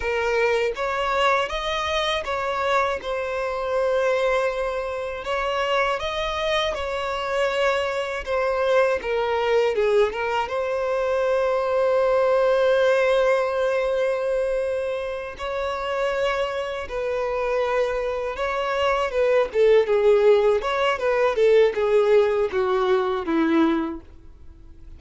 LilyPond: \new Staff \with { instrumentName = "violin" } { \time 4/4 \tempo 4 = 80 ais'4 cis''4 dis''4 cis''4 | c''2. cis''4 | dis''4 cis''2 c''4 | ais'4 gis'8 ais'8 c''2~ |
c''1~ | c''8 cis''2 b'4.~ | b'8 cis''4 b'8 a'8 gis'4 cis''8 | b'8 a'8 gis'4 fis'4 e'4 | }